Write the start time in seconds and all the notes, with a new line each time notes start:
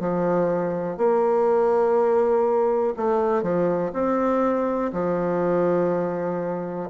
0.00 F3
0.97 A#3
2.96 A3
3.42 F3
3.93 C4
4.92 F3